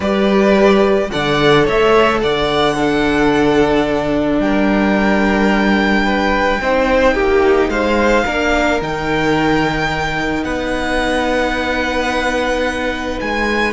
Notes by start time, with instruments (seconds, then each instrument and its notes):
0.00 cello G3, viola G4, violin B4 D5
1.10 cello D3, viola A4, violin D5 F#5
1.64 cello A3, violin C#5 E5
2.20 cello D3, violin D5 F#5
2.74 viola D4, violin A4
4.38 cello G3, violin A#4 G5
6.05 violin B4
6.60 cello C4, viola D#4, violin C5
7.14 cello A#3, violin G4
7.68 cello G#3, violin C5 F5
8.24 cello A#3, viola D4, violin A#4
8.81 cello D#3, viola D#4, violin G5
10.43 cello B3, violin B4 F#5
13.21 cello G#3, violin G#5